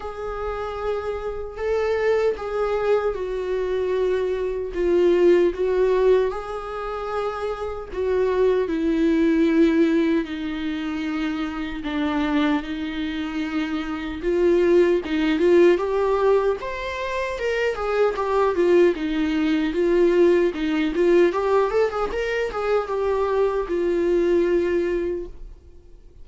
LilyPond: \new Staff \with { instrumentName = "viola" } { \time 4/4 \tempo 4 = 76 gis'2 a'4 gis'4 | fis'2 f'4 fis'4 | gis'2 fis'4 e'4~ | e'4 dis'2 d'4 |
dis'2 f'4 dis'8 f'8 | g'4 c''4 ais'8 gis'8 g'8 f'8 | dis'4 f'4 dis'8 f'8 g'8 a'16 gis'16 | ais'8 gis'8 g'4 f'2 | }